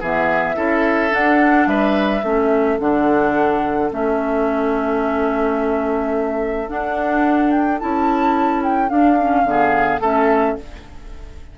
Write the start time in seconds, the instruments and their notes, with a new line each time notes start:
0.00 bassoon E3, clarinet B3, oboe G#4, flute E5
0.55 bassoon C#4, clarinet E4, oboe A4
1.10 clarinet D4, bassoon D4, flute F#5
1.66 bassoon G3, oboe B4, flute E5
2.23 bassoon A3, clarinet C#4, oboe A4
2.79 bassoon D3, clarinet D4, flute F#5
3.91 bassoon A3, clarinet C#4, flute E5
6.68 clarinet D4, bassoon D4, flute F#5
7.51 flute G5
7.79 bassoon C#4, clarinet E4, flute A5
8.63 flute G5
8.89 clarinet D4, bassoon D4, flute F5
9.20 clarinet C#4
9.44 bassoon D3, clarinet B3, oboe G#4
10.00 bassoon A3, clarinet C#4, oboe A4, flute E5